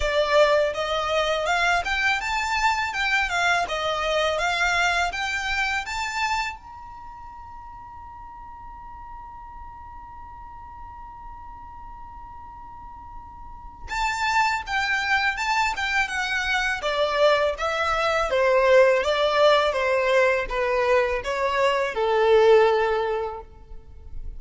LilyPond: \new Staff \with { instrumentName = "violin" } { \time 4/4 \tempo 4 = 82 d''4 dis''4 f''8 g''8 a''4 | g''8 f''8 dis''4 f''4 g''4 | a''4 ais''2.~ | ais''1~ |
ais''2. a''4 | g''4 a''8 g''8 fis''4 d''4 | e''4 c''4 d''4 c''4 | b'4 cis''4 a'2 | }